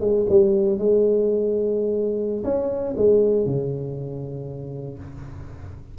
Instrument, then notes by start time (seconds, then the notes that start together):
tuba
0.00 G#3
0.29 G3
0.78 G#3
2.44 C#4
2.97 G#3
3.46 C#3